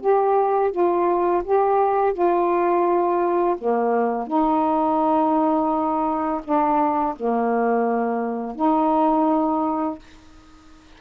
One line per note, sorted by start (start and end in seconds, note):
0.00 0.71 G4
0.71 1.42 F4
1.44 2.13 G4
2.13 3.56 F4
3.57 4.27 A#3
4.27 6.41 D#4
6.44 7.15 D4
7.16 8.55 A#3
8.55 9.98 D#4